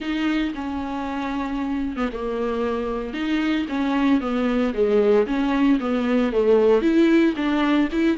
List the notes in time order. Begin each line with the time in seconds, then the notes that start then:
0.00 D#4
0.54 C#4
1.96 B3
2.12 A#3
3.13 D#4
3.68 C#4
4.20 B3
4.73 G#3
5.26 C#4
5.80 B3
6.32 A3
6.81 E4
7.36 D4
7.91 E4